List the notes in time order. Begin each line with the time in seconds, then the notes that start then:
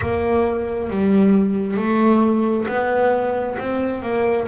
0.01 A#3
0.90 G3
1.76 A3
2.67 B3
3.58 C4
4.02 A#3